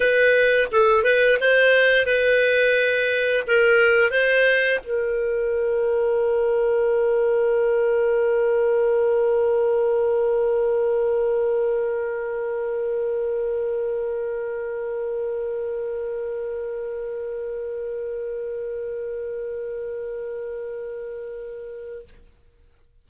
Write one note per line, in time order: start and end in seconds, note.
0.00 0.68 B4
0.71 1.03 A4
1.03 1.38 B4
1.40 2.06 C5
2.06 3.44 B4
3.47 4.10 A#4
4.10 4.79 C5
4.83 22.08 A#4